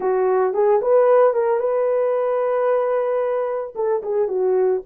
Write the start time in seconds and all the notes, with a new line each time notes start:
0.00 F#4
0.53 G#4
0.81 B4
1.33 A#4
1.59 B4
3.75 A4
4.03 G#4
4.28 F#4